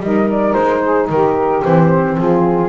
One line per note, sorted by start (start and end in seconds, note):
0.00 0.54 G3
0.00 1.63 D#4
0.00 0.82 A#4
0.00 0.29 D#5
0.31 0.54 D5
0.54 1.09 G#3
0.54 1.07 C5
0.82 1.08 G#4
1.10 1.63 D#3
1.10 2.16 G4
1.10 1.64 A#4
1.63 2.18 E3
1.63 2.69 C4
1.63 2.18 C5
2.16 2.69 F3
2.16 2.69 F4
2.16 2.69 G#4